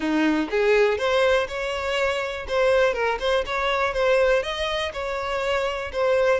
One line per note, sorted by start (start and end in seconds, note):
0.00 0.49 D#4
0.50 0.97 G#4
0.97 1.47 C5
1.48 2.46 C#5
2.48 2.93 C5
2.93 3.18 A#4
3.19 3.44 C5
3.46 3.93 C#5
3.93 4.43 C5
4.43 4.92 D#5
4.93 5.91 C#5
5.92 6.40 C5